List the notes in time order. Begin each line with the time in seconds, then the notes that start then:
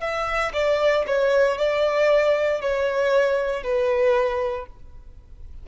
0.00 E5
0.53 D5
1.06 C#5
1.58 D5
2.61 C#5
3.63 B4